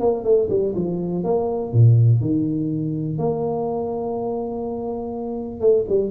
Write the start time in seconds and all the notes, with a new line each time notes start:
0.00 A#3
0.24 A3
0.50 G3
0.75 F3
1.24 A#3
1.73 A#2
2.21 D#3
3.18 A#3
5.61 A3
5.89 G3